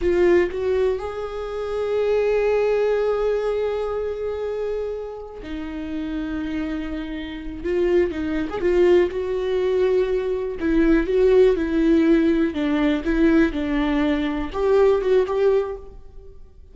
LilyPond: \new Staff \with { instrumentName = "viola" } { \time 4/4 \tempo 4 = 122 f'4 fis'4 gis'2~ | gis'1~ | gis'2. dis'4~ | dis'2.~ dis'8 f'8~ |
f'8 dis'8. gis'16 f'4 fis'4.~ | fis'4. e'4 fis'4 e'8~ | e'4. d'4 e'4 d'8~ | d'4. g'4 fis'8 g'4 | }